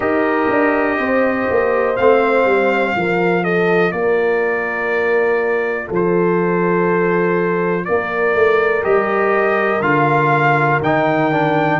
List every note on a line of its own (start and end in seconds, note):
0.00 0.48 D#4
0.00 1.95 G4
0.00 0.98 A#4
0.00 1.96 D#5
0.49 0.99 D4
0.98 1.48 C4
0.98 2.95 C5
1.50 1.98 A#3
1.96 2.45 A3
1.96 2.95 C4
1.96 3.43 F5
2.45 2.94 G3
2.95 3.92 F3
2.95 8.82 F4
2.95 3.43 A#4
3.43 3.92 A4
3.43 3.91 D#5
3.91 5.89 A#3
3.91 5.86 A#4
3.91 5.88 D5
5.86 7.87 F3
5.86 7.83 A4
5.94 7.84 C5
7.84 8.34 A#3
7.84 11.80 A#4
7.84 8.83 D5
8.34 8.84 A3
8.82 9.81 G3
8.82 9.80 G4
8.82 9.82 D#5
9.81 10.79 D3
9.81 10.81 F4
9.81 10.80 F5
10.81 11.80 D#3
10.81 11.32 D#4
10.81 11.80 G5
11.32 11.80 D4